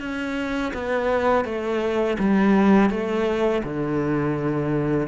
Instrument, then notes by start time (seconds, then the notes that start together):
cello
0.00 C#4
0.74 B3
1.45 A3
2.19 G3
2.90 A3
3.63 D3